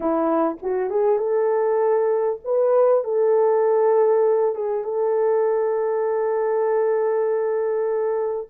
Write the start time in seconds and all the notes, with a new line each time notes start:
0.00 E4
0.62 F#4
0.90 G#4
1.18 A4
2.44 B4
3.04 A4
4.55 G#4
4.83 A4